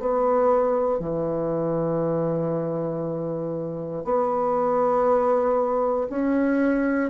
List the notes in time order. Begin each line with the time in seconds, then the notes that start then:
0.00 B3
1.00 E3
4.05 B3
6.10 C#4